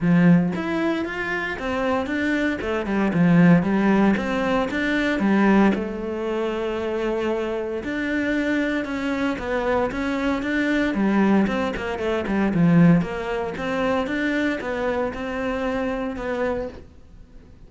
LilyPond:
\new Staff \with { instrumentName = "cello" } { \time 4/4 \tempo 4 = 115 f4 e'4 f'4 c'4 | d'4 a8 g8 f4 g4 | c'4 d'4 g4 a4~ | a2. d'4~ |
d'4 cis'4 b4 cis'4 | d'4 g4 c'8 ais8 a8 g8 | f4 ais4 c'4 d'4 | b4 c'2 b4 | }